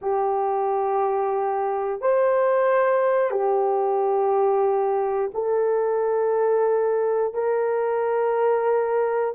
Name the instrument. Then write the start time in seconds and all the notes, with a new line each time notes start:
horn
0.02 G4
2.01 C5
3.31 G4
5.33 A4
7.34 A#4